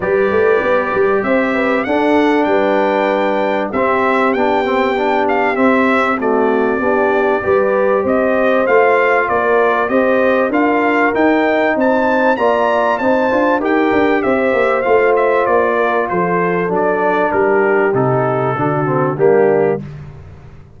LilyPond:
<<
  \new Staff \with { instrumentName = "trumpet" } { \time 4/4 \tempo 4 = 97 d''2 e''4 fis''4 | g''2 e''4 g''4~ | g''8 f''8 e''4 d''2~ | d''4 dis''4 f''4 d''4 |
dis''4 f''4 g''4 a''4 | ais''4 a''4 g''4 e''4 | f''8 e''8 d''4 c''4 d''4 | ais'4 a'2 g'4 | }
  \new Staff \with { instrumentName = "horn" } { \time 4/4 b'2 c''8 b'8 a'4 | b'2 g'2~ | g'2 fis'4 g'4 | b'4 c''2 ais'4 |
c''4 ais'2 c''4 | d''4 c''4 ais'4 c''4~ | c''4. ais'8 a'2 | g'2 fis'4 d'4 | }
  \new Staff \with { instrumentName = "trombone" } { \time 4/4 g'2. d'4~ | d'2 c'4 d'8 c'8 | d'4 c'4 a4 d'4 | g'2 f'2 |
g'4 f'4 dis'2 | f'4 dis'8 f'8 g'2 | f'2. d'4~ | d'4 dis'4 d'8 c'8 ais4 | }
  \new Staff \with { instrumentName = "tuba" } { \time 4/4 g8 a8 b8 g8 c'4 d'4 | g2 c'4 b4~ | b4 c'2 b4 | g4 c'4 a4 ais4 |
c'4 d'4 dis'4 c'4 | ais4 c'8 d'8 dis'8 d'8 c'8 ais8 | a4 ais4 f4 fis4 | g4 c4 d4 g4 | }
>>